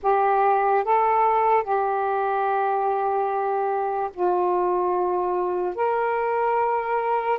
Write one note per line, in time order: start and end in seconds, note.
0.02 0.84 G4
0.84 1.63 A4
1.63 4.10 G4
4.13 5.75 F4
5.75 7.39 A#4